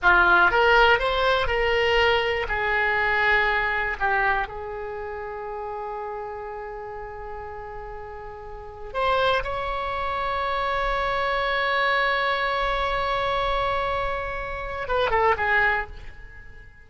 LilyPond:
\new Staff \with { instrumentName = "oboe" } { \time 4/4 \tempo 4 = 121 f'4 ais'4 c''4 ais'4~ | ais'4 gis'2. | g'4 gis'2.~ | gis'1~ |
gis'2 c''4 cis''4~ | cis''1~ | cis''1~ | cis''2 b'8 a'8 gis'4 | }